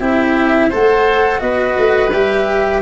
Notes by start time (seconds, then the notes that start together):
0.00 C4 E4 G4 E5
0.70 A3 A4 C5 F#5
1.39 B3 F#4 B4 D#5
1.78 A3
2.12 G3 G4 E5